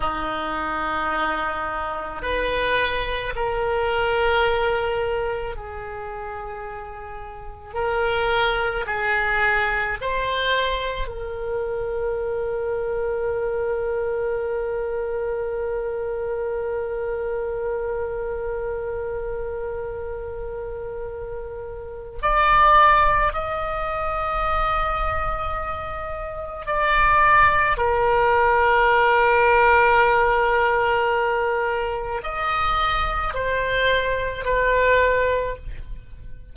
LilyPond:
\new Staff \with { instrumentName = "oboe" } { \time 4/4 \tempo 4 = 54 dis'2 b'4 ais'4~ | ais'4 gis'2 ais'4 | gis'4 c''4 ais'2~ | ais'1~ |
ais'1 | d''4 dis''2. | d''4 ais'2.~ | ais'4 dis''4 c''4 b'4 | }